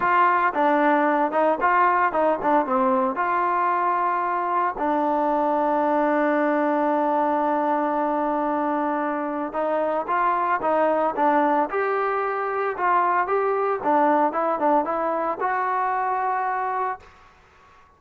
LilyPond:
\new Staff \with { instrumentName = "trombone" } { \time 4/4 \tempo 4 = 113 f'4 d'4. dis'8 f'4 | dis'8 d'8 c'4 f'2~ | f'4 d'2.~ | d'1~ |
d'2 dis'4 f'4 | dis'4 d'4 g'2 | f'4 g'4 d'4 e'8 d'8 | e'4 fis'2. | }